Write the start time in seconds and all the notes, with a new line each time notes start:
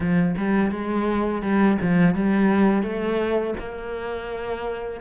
0.00 F3
0.37 G3
0.71 G#3
1.42 G3
1.81 F3
2.14 G3
2.82 A3
3.59 A#3